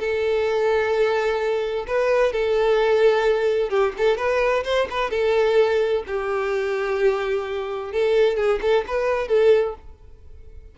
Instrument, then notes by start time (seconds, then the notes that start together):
violin
0.00 A4
1.88 B4
2.33 A4
3.70 G4
3.98 A4
4.18 B4
4.64 C5
4.91 B4
5.11 A4
6.07 G4
7.93 A4
8.37 G#4
8.62 A4
8.88 B4
9.29 A4